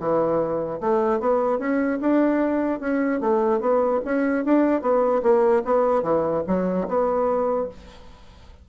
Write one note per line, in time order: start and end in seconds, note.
0.00 0.81 E3
0.81 1.20 A3
1.20 1.59 B3
1.59 1.99 C#4
2.01 2.80 D4
2.80 3.20 C#4
3.20 3.61 A3
3.61 4.01 B3
4.05 4.45 C#4
4.45 4.82 D4
4.82 5.22 B3
5.23 5.63 A#3
5.65 6.03 B3
6.03 6.43 E3
6.48 6.88 F#3
6.88 7.69 B3